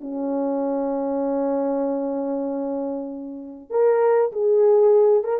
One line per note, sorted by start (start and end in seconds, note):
0.00 3.70 C#4
3.70 4.32 A#4
4.32 5.24 G#4
5.24 5.39 A#4